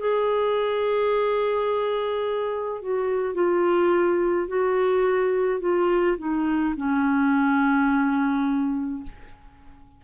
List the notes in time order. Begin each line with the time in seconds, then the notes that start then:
0.00 G#4
2.82 F#4
3.35 F4
4.48 F#4
5.61 F4
6.19 D#4
6.77 C#4